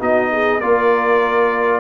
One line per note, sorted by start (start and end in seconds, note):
0.00 0.61 B3
0.00 0.61 D#4
0.00 0.30 F#4
0.00 0.60 D#5
0.31 0.60 G#4
0.60 1.80 A#3
0.60 1.80 F4
0.60 1.80 A#4
0.60 1.80 D5